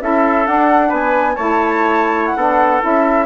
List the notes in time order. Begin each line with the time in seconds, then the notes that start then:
0.00 C#4 E4 A4 E5
0.44 D4 F#5
0.89 B3 B4 G#5
1.35 A3 E4 C#5 A5
2.25 F#5
2.35 B3 D4 A4
2.81 C#4 E4 E5